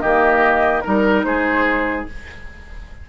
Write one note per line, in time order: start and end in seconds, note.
0.00 0.85 D#3
0.00 0.84 A#3
0.00 0.84 G4
0.00 0.81 D#5
0.81 1.25 G3
0.81 2.07 D#4
0.81 1.22 A#4
0.81 1.26 A#4
1.24 2.07 G#3
1.24 2.10 G#4
1.24 2.07 C5